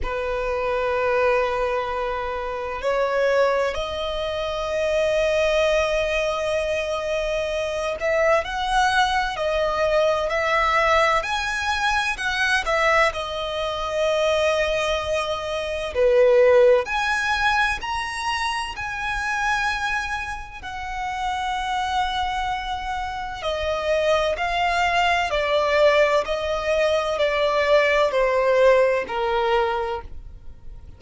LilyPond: \new Staff \with { instrumentName = "violin" } { \time 4/4 \tempo 4 = 64 b'2. cis''4 | dis''1~ | dis''8 e''8 fis''4 dis''4 e''4 | gis''4 fis''8 e''8 dis''2~ |
dis''4 b'4 gis''4 ais''4 | gis''2 fis''2~ | fis''4 dis''4 f''4 d''4 | dis''4 d''4 c''4 ais'4 | }